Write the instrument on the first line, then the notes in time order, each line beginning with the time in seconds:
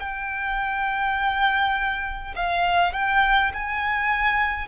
violin
0.00 G5
2.36 F5
2.94 G5
3.54 G#5